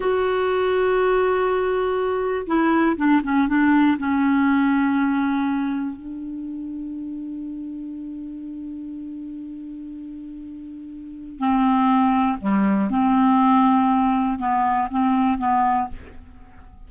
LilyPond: \new Staff \with { instrumentName = "clarinet" } { \time 4/4 \tempo 4 = 121 fis'1~ | fis'4 e'4 d'8 cis'8 d'4 | cis'1 | d'1~ |
d'1~ | d'2. c'4~ | c'4 g4 c'2~ | c'4 b4 c'4 b4 | }